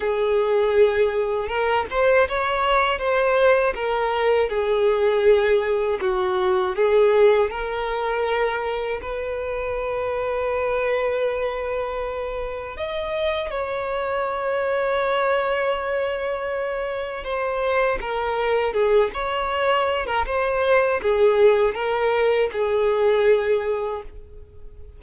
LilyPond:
\new Staff \with { instrumentName = "violin" } { \time 4/4 \tempo 4 = 80 gis'2 ais'8 c''8 cis''4 | c''4 ais'4 gis'2 | fis'4 gis'4 ais'2 | b'1~ |
b'4 dis''4 cis''2~ | cis''2. c''4 | ais'4 gis'8 cis''4~ cis''16 ais'16 c''4 | gis'4 ais'4 gis'2 | }